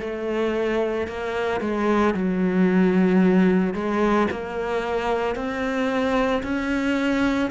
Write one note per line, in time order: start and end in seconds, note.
0.00 1.07 A3
1.07 1.61 A#3
1.61 2.14 G#3
2.14 3.74 F#3
3.74 4.27 G#3
4.31 5.35 A#3
5.35 6.42 C4
6.43 7.50 C#4